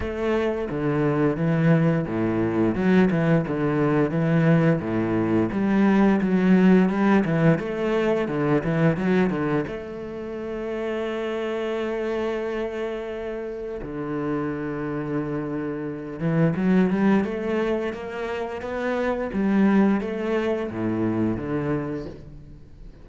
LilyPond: \new Staff \with { instrumentName = "cello" } { \time 4/4 \tempo 4 = 87 a4 d4 e4 a,4 | fis8 e8 d4 e4 a,4 | g4 fis4 g8 e8 a4 | d8 e8 fis8 d8 a2~ |
a1 | d2.~ d8 e8 | fis8 g8 a4 ais4 b4 | g4 a4 a,4 d4 | }